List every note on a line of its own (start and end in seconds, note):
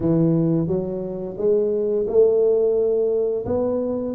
0.00 0.67 E3
0.67 1.36 F#3
1.37 2.06 G#3
2.07 3.45 A3
3.45 4.14 B3